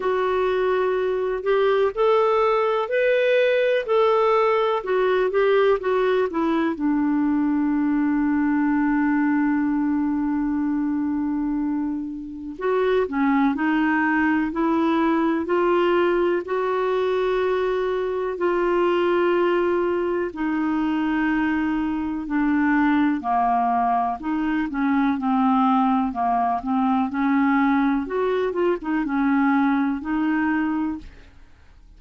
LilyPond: \new Staff \with { instrumentName = "clarinet" } { \time 4/4 \tempo 4 = 62 fis'4. g'8 a'4 b'4 | a'4 fis'8 g'8 fis'8 e'8 d'4~ | d'1~ | d'4 fis'8 cis'8 dis'4 e'4 |
f'4 fis'2 f'4~ | f'4 dis'2 d'4 | ais4 dis'8 cis'8 c'4 ais8 c'8 | cis'4 fis'8 f'16 dis'16 cis'4 dis'4 | }